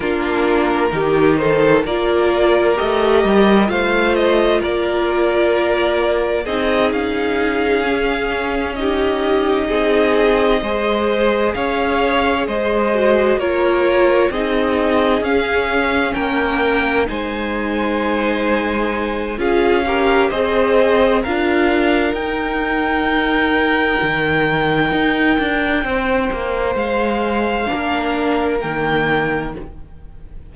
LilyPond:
<<
  \new Staff \with { instrumentName = "violin" } { \time 4/4 \tempo 4 = 65 ais'4. c''8 d''4 dis''4 | f''8 dis''8 d''2 dis''8 f''8~ | f''4. dis''2~ dis''8~ | dis''8 f''4 dis''4 cis''4 dis''8~ |
dis''8 f''4 g''4 gis''4.~ | gis''4 f''4 dis''4 f''4 | g''1~ | g''4 f''2 g''4 | }
  \new Staff \with { instrumentName = "violin" } { \time 4/4 f'4 g'8 a'8 ais'2 | c''4 ais'2 gis'4~ | gis'4. g'4 gis'4 c''8~ | c''8 cis''4 c''4 ais'4 gis'8~ |
gis'4. ais'4 c''4.~ | c''4 gis'8 ais'8 c''4 ais'4~ | ais'1 | c''2 ais'2 | }
  \new Staff \with { instrumentName = "viola" } { \time 4/4 d'4 dis'4 f'4 g'4 | f'2. dis'4~ | dis'8 cis'4 dis'2 gis'8~ | gis'2 fis'8 f'4 dis'8~ |
dis'8 cis'2 dis'4.~ | dis'4 f'8 g'8 gis'4 f'4 | dis'1~ | dis'2 d'4 ais4 | }
  \new Staff \with { instrumentName = "cello" } { \time 4/4 ais4 dis4 ais4 a8 g8 | a4 ais2 c'8 cis'8~ | cis'2~ cis'8 c'4 gis8~ | gis8 cis'4 gis4 ais4 c'8~ |
c'8 cis'4 ais4 gis4.~ | gis4 cis'4 c'4 d'4 | dis'2 dis4 dis'8 d'8 | c'8 ais8 gis4 ais4 dis4 | }
>>